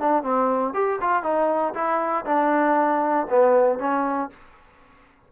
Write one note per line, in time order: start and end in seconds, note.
0.00 0.23 D4
0.23 0.73 C4
0.73 0.99 G4
1.01 1.23 F4
1.23 1.74 D#4
1.74 2.25 E4
2.25 3.27 D4
3.30 3.79 B3
3.79 4.30 C#4